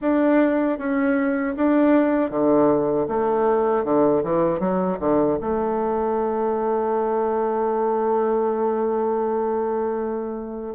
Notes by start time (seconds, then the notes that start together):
0.01 D4
0.78 C#4
1.56 D4
2.30 D3
3.08 A3
3.84 D3
4.23 E3
4.59 F#3
4.99 D3
5.41 A3